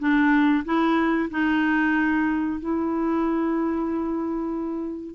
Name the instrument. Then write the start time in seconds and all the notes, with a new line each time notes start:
clarinet
0.00 D4
0.65 E4
1.31 D#4
2.60 E4